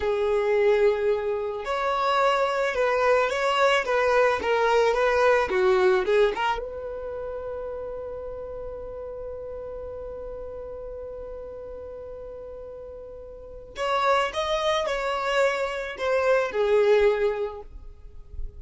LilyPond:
\new Staff \with { instrumentName = "violin" } { \time 4/4 \tempo 4 = 109 gis'2. cis''4~ | cis''4 b'4 cis''4 b'4 | ais'4 b'4 fis'4 gis'8 ais'8 | b'1~ |
b'1~ | b'1~ | b'4 cis''4 dis''4 cis''4~ | cis''4 c''4 gis'2 | }